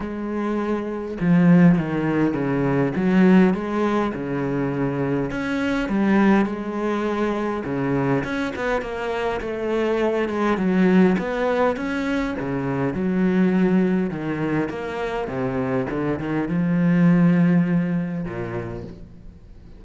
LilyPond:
\new Staff \with { instrumentName = "cello" } { \time 4/4 \tempo 4 = 102 gis2 f4 dis4 | cis4 fis4 gis4 cis4~ | cis4 cis'4 g4 gis4~ | gis4 cis4 cis'8 b8 ais4 |
a4. gis8 fis4 b4 | cis'4 cis4 fis2 | dis4 ais4 c4 d8 dis8 | f2. ais,4 | }